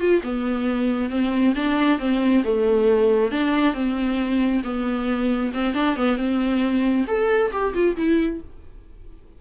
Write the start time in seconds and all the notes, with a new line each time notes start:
0.00 F4
0.23 B3
1.10 C4
1.56 D4
1.99 C4
2.44 A3
3.32 D4
3.74 C4
4.64 B3
5.53 C4
5.75 D4
5.97 B3
6.17 C4
7.07 A4
7.52 G4
7.74 F4
7.97 E4